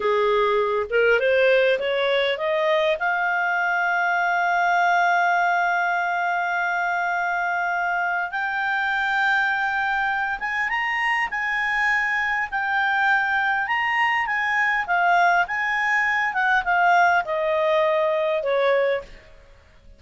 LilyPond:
\new Staff \with { instrumentName = "clarinet" } { \time 4/4 \tempo 4 = 101 gis'4. ais'8 c''4 cis''4 | dis''4 f''2.~ | f''1~ | f''2 g''2~ |
g''4. gis''8 ais''4 gis''4~ | gis''4 g''2 ais''4 | gis''4 f''4 gis''4. fis''8 | f''4 dis''2 cis''4 | }